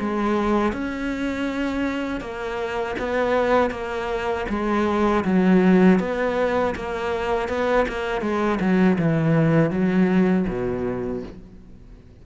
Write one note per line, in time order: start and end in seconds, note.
0.00 0.73 G#3
0.73 2.21 C#4
2.21 2.96 A#3
2.99 3.71 B3
3.71 4.46 A#3
4.49 5.24 G#3
5.25 6.00 F#3
6.00 6.75 B3
6.76 7.49 A#3
7.49 7.86 B3
7.88 8.22 A#3
8.22 8.59 G#3
8.60 8.98 F#3
8.99 9.71 E3
9.71 10.46 F#3
10.48 11.23 B2